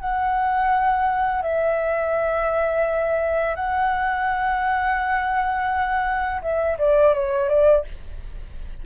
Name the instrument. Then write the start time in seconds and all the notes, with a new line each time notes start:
flute
0.00 F#5
1.42 E5
3.55 F#5
6.42 E5
6.78 D5
7.14 C#5
7.49 D5